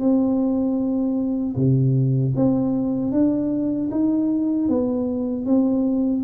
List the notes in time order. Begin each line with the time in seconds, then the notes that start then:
0.00 C4
1.56 C3
2.36 C4
3.12 D4
3.91 D#4
4.69 B3
5.46 C4